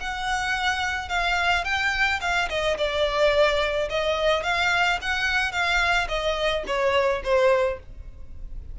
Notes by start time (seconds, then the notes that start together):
0.00 F#5
1.09 F5
1.64 G5
2.21 F5
2.49 D#5
2.78 D5
3.90 D#5
4.43 F5
5.02 F#5
5.52 F5
6.09 D#5
6.67 C#5
7.24 C5